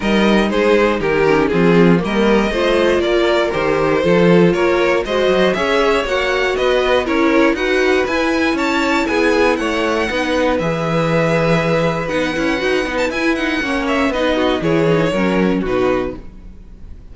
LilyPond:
<<
  \new Staff \with { instrumentName = "violin" } { \time 4/4 \tempo 4 = 119 dis''4 c''4 ais'4 gis'4 | dis''2 d''4 c''4~ | c''4 cis''4 dis''4 e''4 | fis''4 dis''4 cis''4 fis''4 |
gis''4 a''4 gis''4 fis''4~ | fis''4 e''2. | fis''4.~ fis''16 a''16 gis''8 fis''4 e''8 | dis''4 cis''2 b'4 | }
  \new Staff \with { instrumentName = "violin" } { \time 4/4 ais'4 gis'4 g'4 f'4 | ais'4 c''4 ais'2 | a'4 ais'4 c''4 cis''4~ | cis''4 b'4 ais'4 b'4~ |
b'4 cis''4 gis'4 cis''4 | b'1~ | b'2. cis''4 | b'8 fis'8 gis'4 ais'4 fis'4 | }
  \new Staff \with { instrumentName = "viola" } { \time 4/4 dis'2~ dis'8 cis'8 c'4 | ais4 f'2 g'4 | f'2 fis'4 gis'4 | fis'2 e'4 fis'4 |
e'1 | dis'4 gis'2. | dis'8 e'8 fis'8 dis'8 e'8 dis'8 cis'4 | dis'4 e'8 dis'8 cis'4 dis'4 | }
  \new Staff \with { instrumentName = "cello" } { \time 4/4 g4 gis4 dis4 f4 | g4 a4 ais4 dis4 | f4 ais4 gis8 fis8 cis'4 | ais4 b4 cis'4 dis'4 |
e'4 cis'4 b4 a4 | b4 e2. | b8 cis'8 dis'8 b8 e'4 ais4 | b4 e4 fis4 b,4 | }
>>